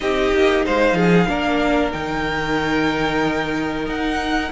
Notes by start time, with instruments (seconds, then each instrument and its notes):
0.00 cello C4, viola D#4, violin G4 D#5
0.33 cello A#3
0.65 cello G#3, violin C5 F5
0.93 cello F3, violin G#4
1.28 cello A#3, viola D4, violin A#4
1.91 cello D#3, viola D#4, violin G5
3.86 cello D#4, violin F#5